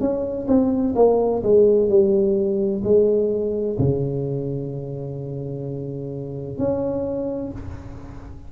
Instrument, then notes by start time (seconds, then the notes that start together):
tuba
0.00 C#4
0.48 C4
0.95 A#3
1.43 G#3
1.89 G3
2.83 G#3
3.78 C#3
6.58 C#4